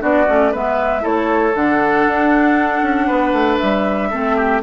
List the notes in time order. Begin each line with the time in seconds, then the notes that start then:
0.00 B3 D4 F#4 D5
0.28 A3 C#4
0.52 G#3 B3 B4 E5
1.01 A3 E4 A4 C#5
1.55 D3 D4 F#5
2.08 D4
2.82 C#4
3.07 B3 B4
3.33 A3
3.58 G3 E5
4.10 A3 C4 A4
4.36 G4